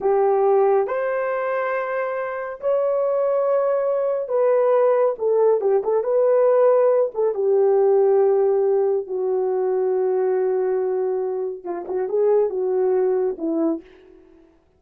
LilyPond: \new Staff \with { instrumentName = "horn" } { \time 4/4 \tempo 4 = 139 g'2 c''2~ | c''2 cis''2~ | cis''2 b'2 | a'4 g'8 a'8 b'2~ |
b'8 a'8 g'2.~ | g'4 fis'2.~ | fis'2. f'8 fis'8 | gis'4 fis'2 e'4 | }